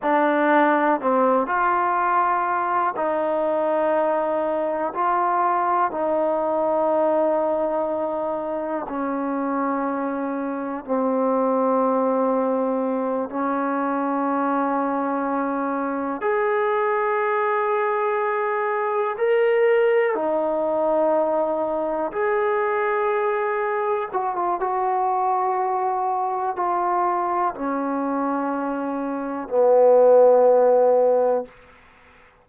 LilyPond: \new Staff \with { instrumentName = "trombone" } { \time 4/4 \tempo 4 = 61 d'4 c'8 f'4. dis'4~ | dis'4 f'4 dis'2~ | dis'4 cis'2 c'4~ | c'4. cis'2~ cis'8~ |
cis'8 gis'2. ais'8~ | ais'8 dis'2 gis'4.~ | gis'8 fis'16 f'16 fis'2 f'4 | cis'2 b2 | }